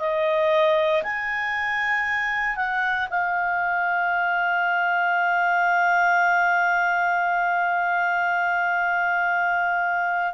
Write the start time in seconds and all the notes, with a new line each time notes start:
0.00 D#5
1.04 G#5
2.57 F#5
3.10 F5